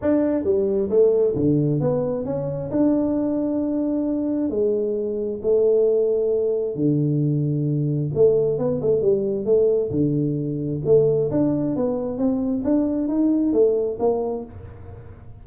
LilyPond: \new Staff \with { instrumentName = "tuba" } { \time 4/4 \tempo 4 = 133 d'4 g4 a4 d4 | b4 cis'4 d'2~ | d'2 gis2 | a2. d4~ |
d2 a4 b8 a8 | g4 a4 d2 | a4 d'4 b4 c'4 | d'4 dis'4 a4 ais4 | }